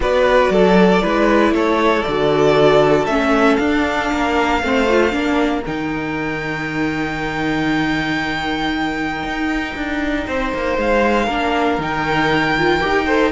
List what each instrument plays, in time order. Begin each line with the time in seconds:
0.00 cello B3, viola F#4, violin B4 D5
0.49 cello F#3, violin A4
1.01 cello G#3, viola E4, violin B4
1.51 cello A3, violin A4 C#5
2.02 cello D3, violin D5
2.08 viola F#4
3.06 cello A3, viola C#4, violin E5
3.56 cello D4, viola D4, violin F5
4.11 cello A#3, violin A#4
4.62 cello A3, viola C4, violin C5
4.88 viola F4
5.11 cello A#3, viola D4, violin A#4
5.66 cello D#3, viola D#4, violin G5
9.23 cello D#4
9.75 cello D4
10.27 cello C4, violin C5
10.53 cello A#3
10.77 cello G#3, violin F5
11.25 cello A#3, viola D4, violin A#4
11.78 cello D#3, viola D#4, violin G5
12.58 viola F4
12.80 cello D#4, viola G4
13.06 viola A4, violin C5